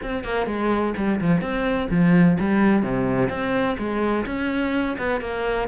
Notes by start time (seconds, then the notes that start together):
0.02 C4
0.24 A#3
0.46 G#3
0.96 G3
1.20 F3
1.41 C4
1.90 F3
2.39 G3
2.82 C3
3.29 C4
3.78 G#3
4.26 C#4
4.98 B3
5.21 A#3